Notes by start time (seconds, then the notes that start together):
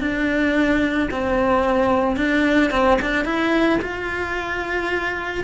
0.00 D4
1.11 C4
2.16 D4
2.71 C4
3.01 D4
3.25 E4
3.82 F4